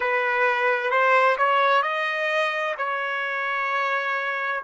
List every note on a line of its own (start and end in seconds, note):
0.00 0.90 B4
0.90 1.36 C5
1.37 1.82 C#5
1.82 2.74 D#5
2.77 4.62 C#5